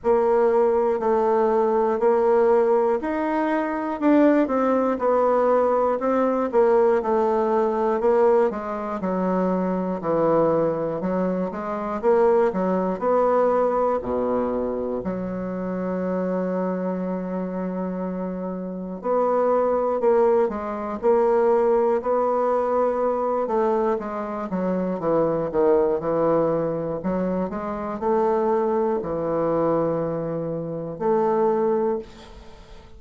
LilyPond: \new Staff \with { instrumentName = "bassoon" } { \time 4/4 \tempo 4 = 60 ais4 a4 ais4 dis'4 | d'8 c'8 b4 c'8 ais8 a4 | ais8 gis8 fis4 e4 fis8 gis8 | ais8 fis8 b4 b,4 fis4~ |
fis2. b4 | ais8 gis8 ais4 b4. a8 | gis8 fis8 e8 dis8 e4 fis8 gis8 | a4 e2 a4 | }